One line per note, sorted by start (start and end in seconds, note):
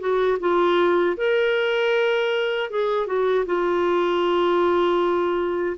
0.00 0.38 F#4
0.40 1.17 F4
1.17 2.70 A#4
2.70 3.07 G#4
3.07 3.45 F#4
3.46 5.77 F4